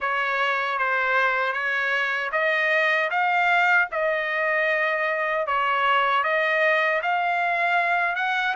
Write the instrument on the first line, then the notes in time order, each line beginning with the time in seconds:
trumpet
0.00 C#5
0.78 C5
1.52 C#5
2.32 D#5
3.10 F5
3.91 D#5
5.47 C#5
6.23 D#5
7.02 F5
8.15 F#5